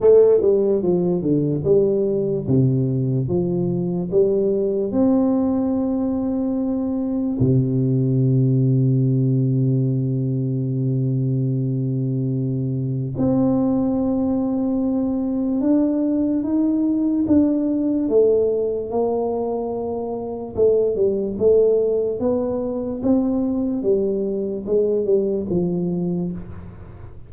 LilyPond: \new Staff \with { instrumentName = "tuba" } { \time 4/4 \tempo 4 = 73 a8 g8 f8 d8 g4 c4 | f4 g4 c'2~ | c'4 c2.~ | c1 |
c'2. d'4 | dis'4 d'4 a4 ais4~ | ais4 a8 g8 a4 b4 | c'4 g4 gis8 g8 f4 | }